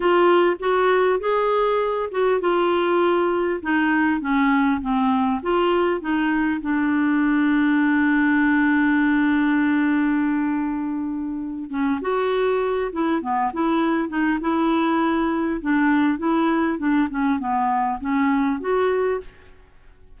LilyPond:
\new Staff \with { instrumentName = "clarinet" } { \time 4/4 \tempo 4 = 100 f'4 fis'4 gis'4. fis'8 | f'2 dis'4 cis'4 | c'4 f'4 dis'4 d'4~ | d'1~ |
d'2.~ d'8 cis'8 | fis'4. e'8 b8 e'4 dis'8 | e'2 d'4 e'4 | d'8 cis'8 b4 cis'4 fis'4 | }